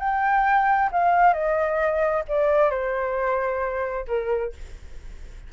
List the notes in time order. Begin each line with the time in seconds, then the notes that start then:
0.00 G5
0.92 F5
1.34 D#5
2.29 D5
2.71 C5
4.08 A#4